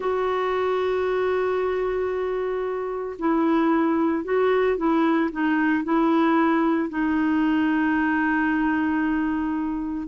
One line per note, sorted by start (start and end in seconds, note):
0.00 3.16 F#4
3.19 4.24 E4
4.24 4.77 F#4
4.77 5.30 E4
5.31 5.84 D#4
5.84 6.89 E4
6.89 10.07 D#4